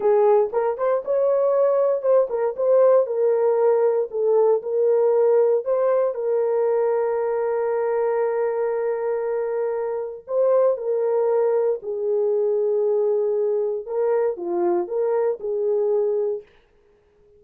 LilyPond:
\new Staff \with { instrumentName = "horn" } { \time 4/4 \tempo 4 = 117 gis'4 ais'8 c''8 cis''2 | c''8 ais'8 c''4 ais'2 | a'4 ais'2 c''4 | ais'1~ |
ais'1 | c''4 ais'2 gis'4~ | gis'2. ais'4 | f'4 ais'4 gis'2 | }